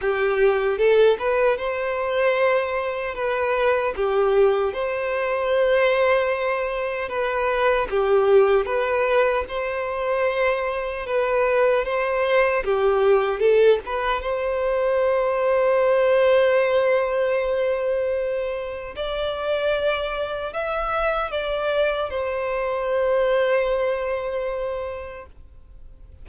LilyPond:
\new Staff \with { instrumentName = "violin" } { \time 4/4 \tempo 4 = 76 g'4 a'8 b'8 c''2 | b'4 g'4 c''2~ | c''4 b'4 g'4 b'4 | c''2 b'4 c''4 |
g'4 a'8 b'8 c''2~ | c''1 | d''2 e''4 d''4 | c''1 | }